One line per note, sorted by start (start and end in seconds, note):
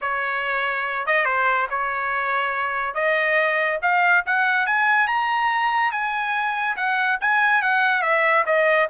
0.01 1.06 C#5
1.06 1.25 D#5
1.25 1.67 C5
1.70 2.94 C#5
2.94 3.78 D#5
3.82 4.24 F5
4.26 4.66 F#5
4.66 5.07 G#5
5.07 5.91 A#5
5.91 6.76 G#5
6.76 7.18 F#5
7.20 7.62 G#5
7.62 8.02 F#5
8.02 8.44 E5
8.45 8.88 D#5